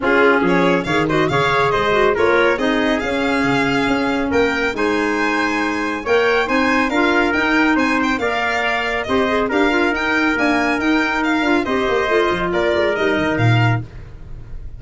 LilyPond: <<
  \new Staff \with { instrumentName = "violin" } { \time 4/4 \tempo 4 = 139 gis'4 cis''4 f''8 dis''8 f''4 | dis''4 cis''4 dis''4 f''4~ | f''2 g''4 gis''4~ | gis''2 g''4 gis''4 |
f''4 g''4 gis''8 g''8 f''4~ | f''4 dis''4 f''4 g''4 | gis''4 g''4 f''4 dis''4~ | dis''4 d''4 dis''4 f''4 | }
  \new Staff \with { instrumentName = "trumpet" } { \time 4/4 f'4 gis'4 cis''8 c''8 cis''4 | c''4 ais'4 gis'2~ | gis'2 ais'4 c''4~ | c''2 cis''4 c''4 |
ais'2 c''4 d''4~ | d''4 c''4 ais'2~ | ais'2. c''4~ | c''4 ais'2. | }
  \new Staff \with { instrumentName = "clarinet" } { \time 4/4 cis'2 gis'8 fis'8 gis'4~ | gis'8 fis'8 f'4 dis'4 cis'4~ | cis'2. dis'4~ | dis'2 ais'4 dis'4 |
f'4 dis'2 ais'4~ | ais'4 g'8 gis'8 g'8 f'8 dis'4 | ais4 dis'4. f'8 g'4 | f'2 dis'2 | }
  \new Staff \with { instrumentName = "tuba" } { \time 4/4 cis'4 f4 dis4 cis4 | gis4 ais4 c'4 cis'4 | cis4 cis'4 ais4 gis4~ | gis2 ais4 c'4 |
d'4 dis'4 c'4 ais4~ | ais4 c'4 d'4 dis'4 | d'4 dis'4. d'8 c'8 ais8 | a8 f8 ais8 gis8 g8 dis8 ais,4 | }
>>